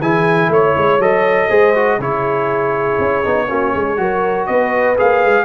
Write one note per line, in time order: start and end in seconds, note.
0.00 0.49 E3
0.00 1.01 E4
0.00 0.50 G#4
0.00 0.51 G#5
0.49 0.74 A3
0.49 1.01 C#5
0.49 1.48 C#5
0.77 0.98 G#3
0.98 1.48 F#3
0.98 1.49 A4
0.98 2.00 D#5
1.48 1.98 G#3
1.48 1.74 G#4
1.48 1.98 C5
1.75 2.00 F#4
1.98 2.97 C#3
1.98 3.24 E4
1.98 3.47 G#4
1.98 4.46 C#5
2.99 3.24 C#4
3.24 3.50 B3
3.24 3.47 D#4
3.47 3.75 A#3
3.47 3.97 C#4
3.47 3.73 F#4
3.74 3.98 G#3
3.74 3.98 G#4
3.97 4.47 F#3
3.97 4.96 F#4
3.97 4.47 A#4
4.46 4.98 B3
4.46 5.44 B4
4.46 4.96 D#5
4.98 5.25 A#3
4.98 5.44 G#4
4.98 5.44 F5
5.25 5.44 G#3